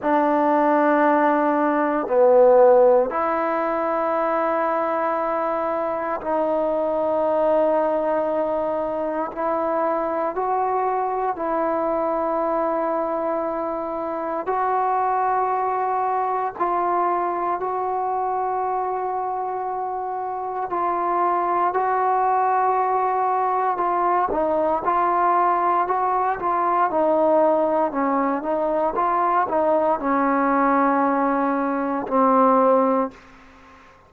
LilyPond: \new Staff \with { instrumentName = "trombone" } { \time 4/4 \tempo 4 = 58 d'2 b4 e'4~ | e'2 dis'2~ | dis'4 e'4 fis'4 e'4~ | e'2 fis'2 |
f'4 fis'2. | f'4 fis'2 f'8 dis'8 | f'4 fis'8 f'8 dis'4 cis'8 dis'8 | f'8 dis'8 cis'2 c'4 | }